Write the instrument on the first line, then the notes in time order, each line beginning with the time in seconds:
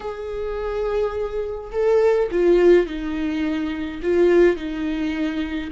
viola
0.00 G#4
1.71 A4
2.31 F4
2.86 D#4
4.02 F4
4.56 D#4